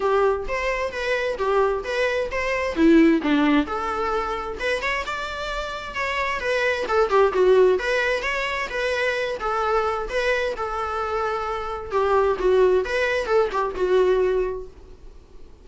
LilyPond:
\new Staff \with { instrumentName = "viola" } { \time 4/4 \tempo 4 = 131 g'4 c''4 b'4 g'4 | b'4 c''4 e'4 d'4 | a'2 b'8 cis''8 d''4~ | d''4 cis''4 b'4 a'8 g'8 |
fis'4 b'4 cis''4 b'4~ | b'8 a'4. b'4 a'4~ | a'2 g'4 fis'4 | b'4 a'8 g'8 fis'2 | }